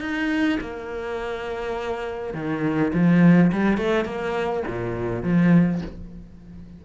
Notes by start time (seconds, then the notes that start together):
0.00 D#4
0.60 A#3
2.34 D#3
2.93 F3
3.52 G3
3.77 A3
4.04 A#3
4.67 A#2
5.23 F3